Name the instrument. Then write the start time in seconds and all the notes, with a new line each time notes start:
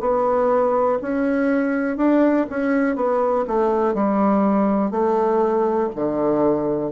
bassoon
0.00 B3
1.01 C#4
1.97 D4
2.49 C#4
2.96 B3
3.47 A3
3.94 G3
4.90 A3
5.95 D3